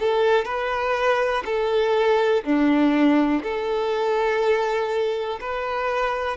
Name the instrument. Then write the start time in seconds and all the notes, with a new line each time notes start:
violin
0.00 A4
0.45 B4
1.46 A4
2.45 D4
3.43 A4
5.41 B4